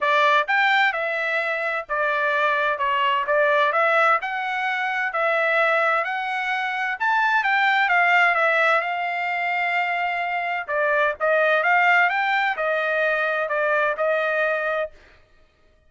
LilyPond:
\new Staff \with { instrumentName = "trumpet" } { \time 4/4 \tempo 4 = 129 d''4 g''4 e''2 | d''2 cis''4 d''4 | e''4 fis''2 e''4~ | e''4 fis''2 a''4 |
g''4 f''4 e''4 f''4~ | f''2. d''4 | dis''4 f''4 g''4 dis''4~ | dis''4 d''4 dis''2 | }